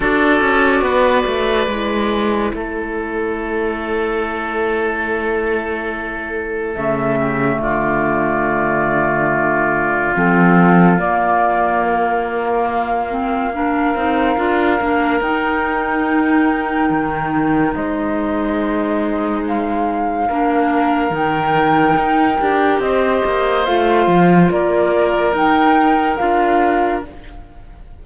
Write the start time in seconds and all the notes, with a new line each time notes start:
0.00 D4 F#4 A4 D5
0.40 C#4
0.81 B3 B4
1.26 A3
1.67 G#3 E4
2.53 A3 A4 C#5
6.75 C#3 A3 E5
7.19 G4
7.57 D3 F4 D5
10.14 F3 C4 A4
10.97 A#3 D5
11.84 A#4
12.67 F5
13.09 C4
13.53 D4 A#4
13.95 C4 D#4
14.36 D4 F4
14.79 A#3 D4
15.20 D#4 G5
16.89 D#3
17.74 G#3 C5 D#5
19.47 F5
20.28 A#3 D4 A#4
21.10 D#3 D#4 G5
21.95 D#4
22.40 D4 G4
22.79 C4 C5 D#5
23.25 A#3
23.65 A3 F4 F5
24.07 F3
24.50 A#3 A#4 D5
25.32 D#4 G5
26.16 D4 F4 F5